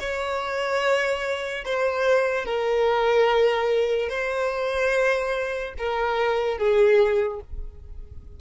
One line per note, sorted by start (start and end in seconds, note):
0.00 1.64 C#5
1.64 2.45 C5
2.45 4.09 A#4
4.09 5.73 C5
5.78 6.58 A#4
6.58 7.40 G#4